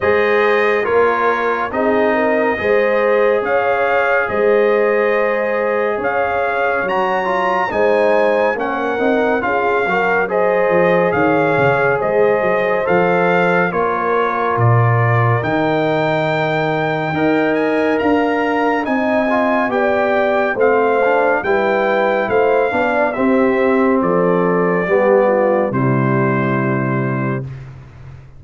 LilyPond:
<<
  \new Staff \with { instrumentName = "trumpet" } { \time 4/4 \tempo 4 = 70 dis''4 cis''4 dis''2 | f''4 dis''2 f''4 | ais''4 gis''4 fis''4 f''4 | dis''4 f''4 dis''4 f''4 |
cis''4 d''4 g''2~ | g''8 gis''8 ais''4 gis''4 g''4 | f''4 g''4 f''4 e''4 | d''2 c''2 | }
  \new Staff \with { instrumentName = "horn" } { \time 4/4 c''4 ais'4 gis'8 ais'8 c''4 | cis''4 c''2 cis''4~ | cis''4 c''4 ais'4 gis'8 ais'8 | c''4 cis''4 c''2 |
ais'1 | dis''4 f''4 dis''4 d''4 | c''4 b'4 c''8 d''8 g'4 | a'4 g'8 f'8 e'2 | }
  \new Staff \with { instrumentName = "trombone" } { \time 4/4 gis'4 f'4 dis'4 gis'4~ | gis'1 | fis'8 f'8 dis'4 cis'8 dis'8 f'8 fis'8 | gis'2. a'4 |
f'2 dis'2 | ais'2 dis'8 f'8 g'4 | c'8 d'8 e'4. d'8 c'4~ | c'4 b4 g2 | }
  \new Staff \with { instrumentName = "tuba" } { \time 4/4 gis4 ais4 c'4 gis4 | cis'4 gis2 cis'4 | fis4 gis4 ais8 c'8 cis'8 fis8~ | fis8 f8 dis8 cis8 gis8 fis8 f4 |
ais4 ais,4 dis2 | dis'4 d'4 c'4 b4 | a4 g4 a8 b8 c'4 | f4 g4 c2 | }
>>